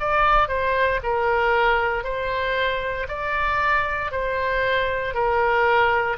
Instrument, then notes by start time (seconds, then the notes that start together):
oboe
0.00 D5
0.49 C5
1.03 A#4
2.04 C5
3.08 D5
4.12 C5
5.14 A#4